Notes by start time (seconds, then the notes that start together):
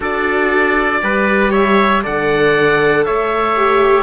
0.00 D4 F#4 A4 D5
1.01 G3 G4 B4
1.50 C#5 E5
2.03 D3 A4 D5 F#5
3.05 A3 C#5 E5
3.55 G4